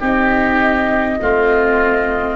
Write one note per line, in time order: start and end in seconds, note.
0.00 1.19 C4
0.00 1.19 D#4
0.00 1.18 G4
0.00 2.36 D#5
1.22 2.36 A3
1.22 2.36 C4
1.22 2.36 F4